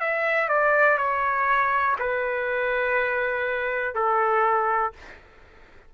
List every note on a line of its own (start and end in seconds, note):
0.00 0.48 E5
0.48 0.97 D5
0.97 1.96 C#5
1.99 3.94 B4
3.94 4.93 A4